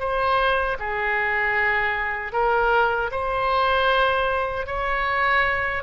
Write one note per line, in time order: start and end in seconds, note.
0.00 0.78 C5
0.79 2.33 G#4
2.33 3.11 A#4
3.12 4.67 C5
4.67 5.84 C#5